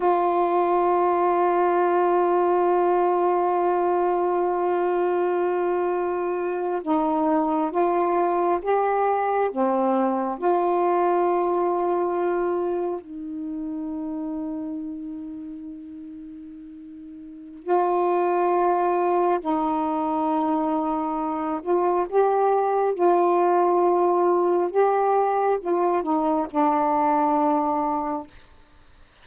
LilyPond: \new Staff \with { instrumentName = "saxophone" } { \time 4/4 \tempo 4 = 68 f'1~ | f'2.~ f'8. dis'16~ | dis'8. f'4 g'4 c'4 f'16~ | f'2~ f'8. dis'4~ dis'16~ |
dis'1 | f'2 dis'2~ | dis'8 f'8 g'4 f'2 | g'4 f'8 dis'8 d'2 | }